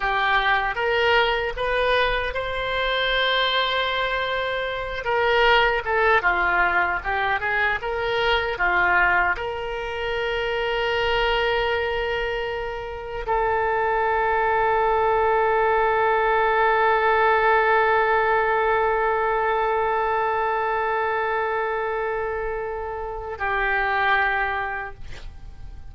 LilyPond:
\new Staff \with { instrumentName = "oboe" } { \time 4/4 \tempo 4 = 77 g'4 ais'4 b'4 c''4~ | c''2~ c''8 ais'4 a'8 | f'4 g'8 gis'8 ais'4 f'4 | ais'1~ |
ais'4 a'2.~ | a'1~ | a'1~ | a'2 g'2 | }